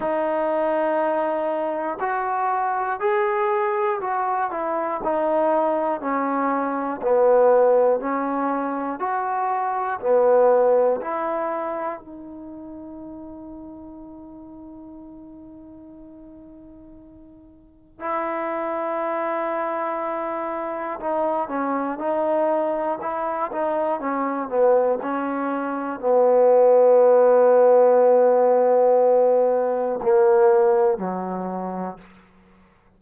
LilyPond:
\new Staff \with { instrumentName = "trombone" } { \time 4/4 \tempo 4 = 60 dis'2 fis'4 gis'4 | fis'8 e'8 dis'4 cis'4 b4 | cis'4 fis'4 b4 e'4 | dis'1~ |
dis'2 e'2~ | e'4 dis'8 cis'8 dis'4 e'8 dis'8 | cis'8 b8 cis'4 b2~ | b2 ais4 fis4 | }